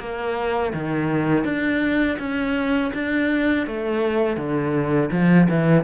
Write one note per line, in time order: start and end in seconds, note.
0.00 0.73 A#3
0.74 1.45 D#3
1.45 2.18 D4
2.19 2.92 C#4
2.94 3.67 D4
3.67 4.37 A3
4.37 5.11 D3
5.12 5.48 F3
5.50 5.84 E3